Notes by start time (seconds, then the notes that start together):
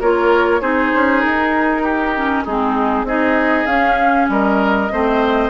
0.00 A#3 F4 A#4 C#5
0.60 C4 D#4 G#4 C5
0.94 C#4
1.20 D#4 A#4
1.82 G4
2.15 C#4
2.44 G#3 C4 D#4 G#4
3.03 C4 D#4 G#4 D#5
3.66 C#4 F5
4.28 G3 A#4 D#5
4.91 A3 C4 C5